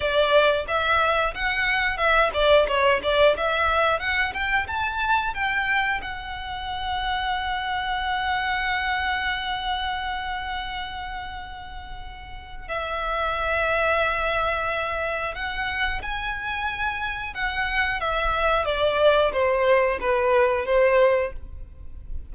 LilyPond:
\new Staff \with { instrumentName = "violin" } { \time 4/4 \tempo 4 = 90 d''4 e''4 fis''4 e''8 d''8 | cis''8 d''8 e''4 fis''8 g''8 a''4 | g''4 fis''2.~ | fis''1~ |
fis''2. e''4~ | e''2. fis''4 | gis''2 fis''4 e''4 | d''4 c''4 b'4 c''4 | }